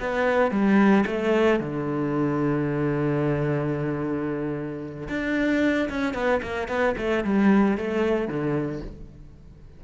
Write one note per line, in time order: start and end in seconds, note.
0.00 0.51 B3
0.51 1.05 G3
1.06 1.60 A3
1.60 5.08 D3
5.09 5.89 D4
5.90 6.14 C#4
6.14 6.41 B3
6.42 6.68 A#3
6.68 6.95 B3
6.98 7.24 A3
7.24 7.78 G3
7.78 8.28 A3
8.28 8.81 D3